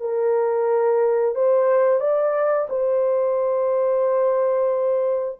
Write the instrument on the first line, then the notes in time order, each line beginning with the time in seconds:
horn
0.00 A#4
1.35 C5
2.00 D5
2.69 C5